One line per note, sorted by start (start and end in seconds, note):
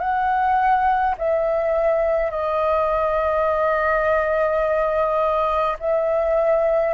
0.00 1.15 F#5
1.19 2.31 E5
2.31 5.77 D#5
5.80 6.94 E5